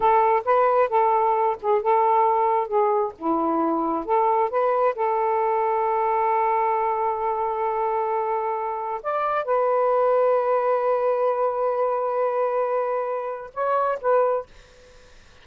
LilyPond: \new Staff \with { instrumentName = "saxophone" } { \time 4/4 \tempo 4 = 133 a'4 b'4 a'4. gis'8 | a'2 gis'4 e'4~ | e'4 a'4 b'4 a'4~ | a'1~ |
a'1 | d''4 b'2.~ | b'1~ | b'2 cis''4 b'4 | }